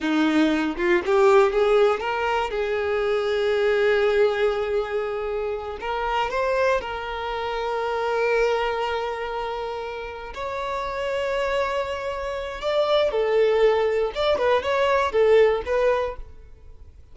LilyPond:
\new Staff \with { instrumentName = "violin" } { \time 4/4 \tempo 4 = 119 dis'4. f'8 g'4 gis'4 | ais'4 gis'2.~ | gis'2.~ gis'8 ais'8~ | ais'8 c''4 ais'2~ ais'8~ |
ais'1~ | ais'8 cis''2.~ cis''8~ | cis''4 d''4 a'2 | d''8 b'8 cis''4 a'4 b'4 | }